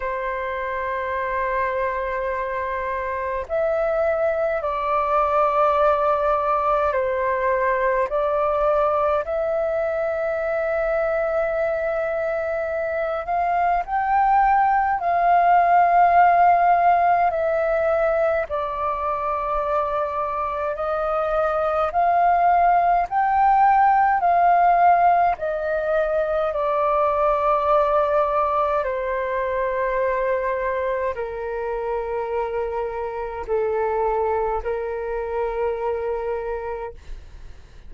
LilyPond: \new Staff \with { instrumentName = "flute" } { \time 4/4 \tempo 4 = 52 c''2. e''4 | d''2 c''4 d''4 | e''2.~ e''8 f''8 | g''4 f''2 e''4 |
d''2 dis''4 f''4 | g''4 f''4 dis''4 d''4~ | d''4 c''2 ais'4~ | ais'4 a'4 ais'2 | }